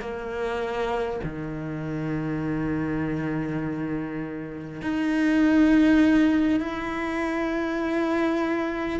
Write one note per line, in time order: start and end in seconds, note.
0.00 1.20 A#3
1.23 4.82 D#3
4.82 6.59 D#4
6.59 8.99 E4